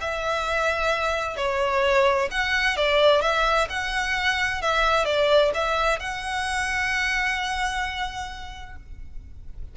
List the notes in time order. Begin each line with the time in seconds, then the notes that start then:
0.00 E5
1.36 C#5
2.30 F#5
2.76 D5
3.21 E5
3.69 F#5
4.62 E5
5.05 D5
5.54 E5
5.99 F#5